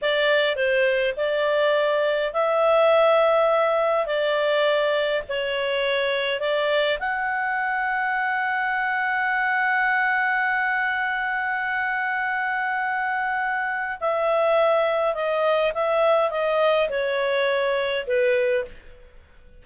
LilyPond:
\new Staff \with { instrumentName = "clarinet" } { \time 4/4 \tempo 4 = 103 d''4 c''4 d''2 | e''2. d''4~ | d''4 cis''2 d''4 | fis''1~ |
fis''1~ | fis''1 | e''2 dis''4 e''4 | dis''4 cis''2 b'4 | }